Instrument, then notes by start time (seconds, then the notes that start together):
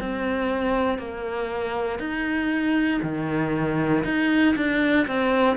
cello
0.00 C4
0.98 A#3
1.99 D#4
3.02 D#3
4.04 D#4
4.56 D4
5.07 C4